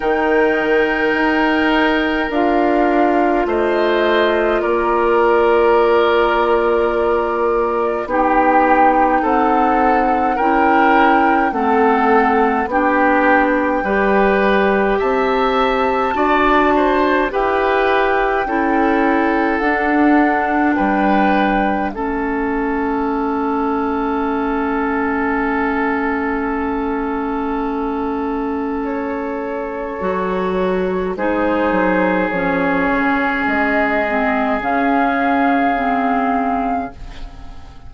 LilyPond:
<<
  \new Staff \with { instrumentName = "flute" } { \time 4/4 \tempo 4 = 52 g''2 f''4 dis''4 | d''2. g''4 | fis''4 g''4 fis''4 g''4~ | g''4 a''2 g''4~ |
g''4 fis''4 g''4 e''4~ | e''1~ | e''4 cis''2 c''4 | cis''4 dis''4 f''2 | }
  \new Staff \with { instrumentName = "oboe" } { \time 4/4 ais'2. c''4 | ais'2. g'4 | a'4 ais'4 a'4 g'4 | b'4 e''4 d''8 c''8 b'4 |
a'2 b'4 a'4~ | a'1~ | a'2. gis'4~ | gis'1 | }
  \new Staff \with { instrumentName = "clarinet" } { \time 4/4 dis'2 f'2~ | f'2. dis'4~ | dis'4 e'4 c'4 d'4 | g'2 fis'4 g'4 |
e'4 d'2 cis'4~ | cis'1~ | cis'2 fis'4 dis'4 | cis'4. c'8 cis'4 c'4 | }
  \new Staff \with { instrumentName = "bassoon" } { \time 4/4 dis4 dis'4 d'4 a4 | ais2. b4 | c'4 cis'4 a4 b4 | g4 c'4 d'4 e'4 |
cis'4 d'4 g4 a4~ | a1~ | a2 fis4 gis8 fis8 | f8 cis8 gis4 cis2 | }
>>